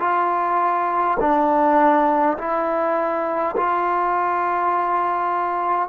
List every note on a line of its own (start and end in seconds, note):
0.00 1.18 F4
1.20 2.37 D4
2.37 3.55 E4
3.57 5.89 F4